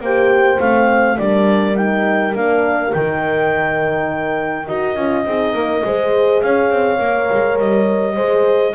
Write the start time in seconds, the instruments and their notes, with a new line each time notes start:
0.00 double bass A#3, horn G4 C5, clarinet G5
0.58 double bass A3, horn C4, clarinet F5
1.17 double bass G3, horn D4 A#4, clarinet D5
1.75 horn D#4, clarinet G5
2.34 double bass A#3, horn D4, clarinet F5
2.92 double bass D#3, horn D#4, clarinet G5
4.67 double bass D#4, horn F#4, clarinet D#5
4.96 double bass C#4, horn F4
5.25 double bass C4, horn D#4 G#4
5.53 double bass A#3, horn A#4
5.84 double bass G#3, horn G#4 C5
6.41 double bass C#4, horn C#5, clarinet F5
6.70 double bass C4
6.98 double bass A#3, horn A#4
7.31 double bass G#3
7.59 double bass G3, clarinet D#5
8.15 double bass G#3, horn G#4 C5